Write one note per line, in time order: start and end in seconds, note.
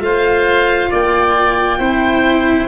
0.00 0.90 A3
0.00 1.79 F4
0.00 0.90 C5
0.00 0.92 F5
0.90 1.79 A#3
0.90 1.79 D5
0.90 2.68 G5
1.79 2.68 C4
1.79 2.68 E4
1.79 2.68 C5